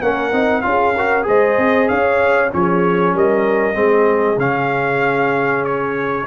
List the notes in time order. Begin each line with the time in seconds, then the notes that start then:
0.00 A#3 C#4 A#4 F#5
0.32 C4 D#4
0.61 C#4 F4 G#4 F5
0.96 F#4 A#4
1.23 G#3 G#4 C5 D#5
1.58 C4
1.88 C#4 C#5 F5
2.51 F3 C#4 G#4 C#5
3.14 G3 A#4 D#5
3.73 G#3 C4 G#4
4.37 C#3 C#4 F5
5.64 C#5